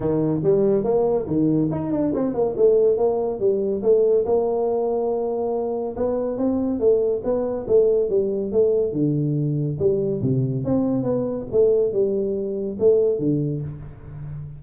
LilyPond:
\new Staff \with { instrumentName = "tuba" } { \time 4/4 \tempo 4 = 141 dis4 g4 ais4 dis4 | dis'8 d'8 c'8 ais8 a4 ais4 | g4 a4 ais2~ | ais2 b4 c'4 |
a4 b4 a4 g4 | a4 d2 g4 | c4 c'4 b4 a4 | g2 a4 d4 | }